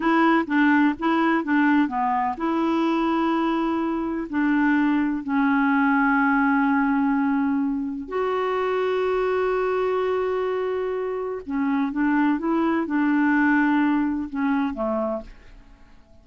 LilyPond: \new Staff \with { instrumentName = "clarinet" } { \time 4/4 \tempo 4 = 126 e'4 d'4 e'4 d'4 | b4 e'2.~ | e'4 d'2 cis'4~ | cis'1~ |
cis'4 fis'2.~ | fis'1 | cis'4 d'4 e'4 d'4~ | d'2 cis'4 a4 | }